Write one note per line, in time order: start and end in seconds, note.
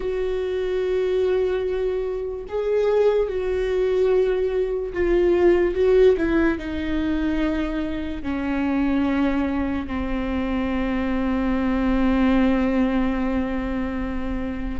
0.00 2.44 F#4
2.48 3.28 G#4
3.28 4.92 F#4
4.93 5.75 F4
5.75 6.16 F#4
6.17 6.58 E4
6.58 8.22 D#4
8.22 9.87 C#4
9.87 14.80 C4